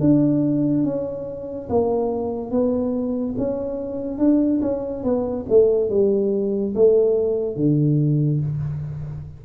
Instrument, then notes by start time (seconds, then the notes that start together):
tuba
0.00 D4
0.84 C#4
1.69 A#3
2.51 B3
3.38 C#4
4.18 D4
4.62 C#4
5.04 B3
5.49 A3
5.90 G3
6.75 A3
7.56 D3